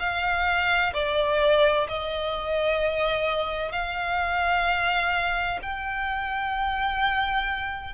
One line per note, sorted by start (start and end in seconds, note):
0.00 0.94 F5
0.94 1.88 D5
1.89 3.72 D#5
3.72 5.60 F5
5.62 7.94 G5